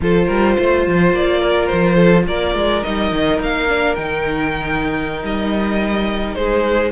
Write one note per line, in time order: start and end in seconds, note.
0.01 0.28 F3
0.01 2.83 F4
0.01 0.26 A4
0.01 1.15 C5
0.26 0.56 G3
0.26 0.54 A#4
0.57 0.87 A3
0.57 1.40 C5
0.87 1.12 F3
1.12 1.68 A#3
1.12 1.66 D5
1.40 1.95 A#4
1.66 2.27 F3
1.66 2.23 C5
1.95 2.24 A4
2.27 2.54 A#3
2.27 6.37 A#4
2.27 2.83 D5
2.54 2.83 G#3
2.83 3.12 G3
2.83 3.68 D#4
2.83 3.39 D#5
3.12 3.40 D#3
3.40 3.96 A#3
3.40 3.95 F5
3.68 3.96 D4
3.95 5.22 D#3
3.95 6.91 D#4
3.95 5.22 G5
5.22 6.35 G3
5.22 6.35 D#5
6.35 6.91 G#3
6.35 6.91 G#4
6.35 6.91 C5